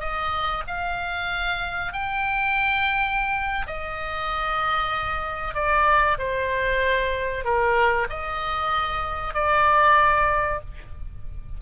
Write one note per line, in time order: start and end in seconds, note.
0.00 0.63 D#5
0.67 1.93 F5
1.93 3.66 G5
3.67 5.54 D#5
5.54 6.18 D5
6.18 7.44 C5
7.44 8.07 A#4
8.10 9.34 D#5
9.34 10.60 D5